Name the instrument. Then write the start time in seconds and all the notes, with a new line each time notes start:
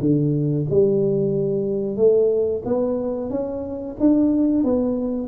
tuba
0.00 D3
0.70 G3
1.96 A3
2.65 B3
3.30 C#4
4.00 D4
4.64 B3